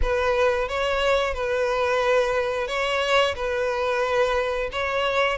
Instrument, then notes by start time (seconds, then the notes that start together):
violin
0.02 B4
0.68 C#5
1.34 B4
2.67 C#5
3.35 B4
4.72 C#5